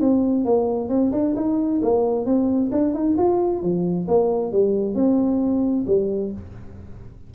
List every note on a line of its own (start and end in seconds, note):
0.00 0.44 C4
0.44 0.89 A#3
0.89 1.11 C4
1.12 1.34 D4
1.35 1.80 D#4
1.82 2.25 A#3
2.25 2.70 C4
2.71 2.93 D4
2.93 3.16 D#4
3.17 3.62 F4
3.62 4.07 F3
4.07 4.52 A#3
4.52 4.94 G3
4.94 5.85 C4
5.86 6.32 G3